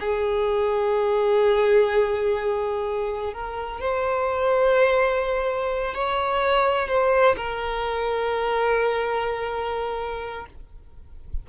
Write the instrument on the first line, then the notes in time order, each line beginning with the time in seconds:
violin
0.00 G#4
3.33 A#4
3.81 C5
5.95 C#5
6.89 C5
7.37 A#4